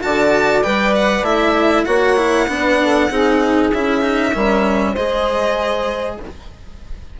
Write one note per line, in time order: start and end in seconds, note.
0.00 0.65 D3
0.00 0.62 F#4
0.00 1.84 D5
0.00 0.62 A5
0.62 1.22 G3
0.62 1.23 B4
0.62 0.93 G5
0.95 1.24 F#5
1.22 1.84 A3
1.22 1.85 E4
1.22 1.84 E5
1.84 2.47 A#3
1.84 2.16 F#4
1.84 2.46 C#5
1.84 3.70 F#5
2.16 2.47 E4
2.47 3.09 B3
2.47 3.10 D4
2.47 2.79 B4
2.81 3.09 A4
3.09 3.71 C4
3.09 3.72 D#4
3.09 4.32 G#4
3.73 4.35 C#4
3.73 4.01 E4
3.73 4.95 E5
4.01 4.32 D#4
4.32 4.95 G3
4.32 4.95 C#4
4.32 4.93 A#4
4.93 6.19 G#3
4.93 6.20 G#4
4.93 6.16 C5
4.93 6.18 D#5